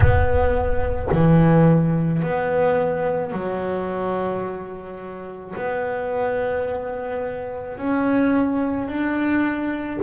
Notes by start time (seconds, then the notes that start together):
0.00 B3
1.11 E3
2.22 B3
3.32 F#3
5.56 B3
7.77 C#4
8.88 D4